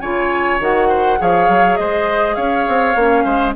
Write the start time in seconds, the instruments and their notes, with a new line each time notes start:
0.00 bassoon C#3, clarinet F4, oboe C#5, flute G#5
0.60 bassoon D#3, clarinet F#4, flute F#5
0.89 oboe C5
1.18 bassoon F3, clarinet G#4, oboe C#5, flute F5
1.49 bassoon F#3
1.77 bassoon G#3, oboe C5, flute D#5
2.35 bassoon C#4, oboe C#5, flute F5
2.68 bassoon C4
2.96 bassoon A#3, clarinet C#4
3.25 bassoon G#3, oboe C5